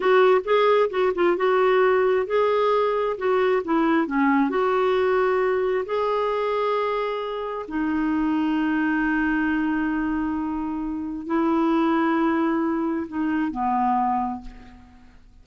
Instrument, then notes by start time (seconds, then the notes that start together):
clarinet
0.00 F#4
0.44 G#4
0.90 F#4
1.14 F4
1.36 F#4
2.26 G#4
3.17 F#4
3.64 E4
4.06 C#4
4.49 F#4
5.85 G#4
7.68 D#4
11.26 E4
13.07 D#4
13.51 B3